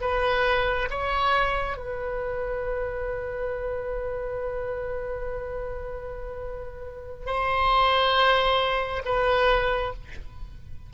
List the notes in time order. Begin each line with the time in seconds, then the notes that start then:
0.00 B4
0.90 C#5
1.77 B4
7.26 C5
9.05 B4